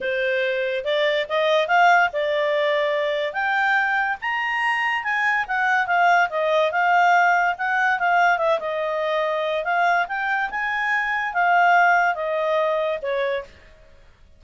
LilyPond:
\new Staff \with { instrumentName = "clarinet" } { \time 4/4 \tempo 4 = 143 c''2 d''4 dis''4 | f''4 d''2. | g''2 ais''2 | gis''4 fis''4 f''4 dis''4 |
f''2 fis''4 f''4 | e''8 dis''2~ dis''8 f''4 | g''4 gis''2 f''4~ | f''4 dis''2 cis''4 | }